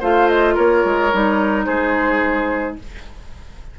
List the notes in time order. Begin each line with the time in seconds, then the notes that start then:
0.00 A3 F4 C5 F5
0.28 D#5
0.55 A#3 A#4 C#5
0.85 G#3
1.12 G3 D#4
1.65 G#3 G#4 C5